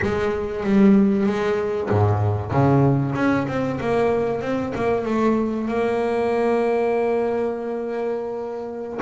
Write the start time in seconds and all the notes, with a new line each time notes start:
0.01 G#3
0.63 G3
1.26 G#3
1.89 G#2
2.51 C#3
3.15 C#4
3.47 C4
3.80 A#3
4.41 C4
4.75 A#3
5.05 A3
5.68 A#3